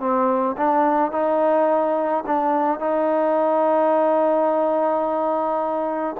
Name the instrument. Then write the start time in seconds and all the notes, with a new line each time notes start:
trombone
0.00 C4
0.57 D4
1.12 D#4
2.27 D4
2.80 D#4